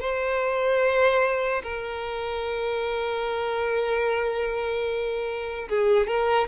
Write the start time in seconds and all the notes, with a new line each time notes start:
0.00 C5
1.63 A#4
5.69 G#4
6.07 A#4